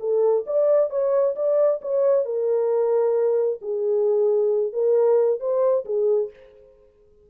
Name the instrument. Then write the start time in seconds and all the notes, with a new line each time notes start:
horn
0.00 A4
0.46 D5
0.90 C#5
1.35 D5
1.82 C#5
2.25 A#4
3.61 G#4
4.73 A#4
5.40 C5
5.85 G#4